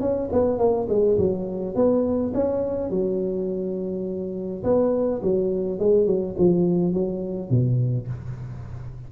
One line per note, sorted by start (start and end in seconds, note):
0.00 0.29 C#4
0.32 0.58 B3
0.58 0.87 A#3
0.89 1.17 G#3
1.18 1.75 F#3
1.75 2.33 B3
2.34 2.90 C#4
2.90 4.63 F#3
4.64 5.21 B3
5.22 5.79 F#3
5.79 6.06 G#3
6.06 6.35 F#3
6.38 6.93 F3
6.93 7.50 F#3
7.50 8.07 B2